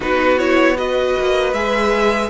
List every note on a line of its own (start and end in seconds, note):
0.00 1.15 B3
0.00 0.37 D#4
0.00 0.75 F#4
0.00 0.38 B4
0.38 0.76 E4
0.38 0.76 C#5
0.77 1.54 F#4
0.77 2.29 B4
0.77 1.53 D#5
1.19 1.53 A#3
1.53 2.29 G#3
1.53 2.29 G#4
1.53 2.29 E5